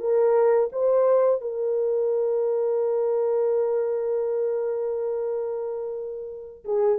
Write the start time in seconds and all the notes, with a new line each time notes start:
0.00 A#4
0.72 C5
1.41 A#4
6.65 G#4